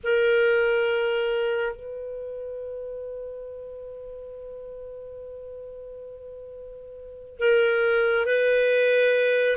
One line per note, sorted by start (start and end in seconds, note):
0.03 1.76 A#4
1.76 7.39 B4
7.39 8.26 A#4
8.26 9.56 B4